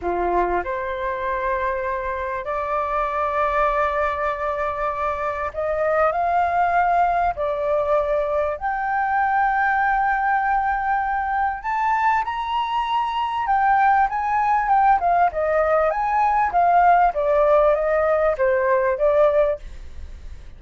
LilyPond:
\new Staff \with { instrumentName = "flute" } { \time 4/4 \tempo 4 = 98 f'4 c''2. | d''1~ | d''4 dis''4 f''2 | d''2 g''2~ |
g''2. a''4 | ais''2 g''4 gis''4 | g''8 f''8 dis''4 gis''4 f''4 | d''4 dis''4 c''4 d''4 | }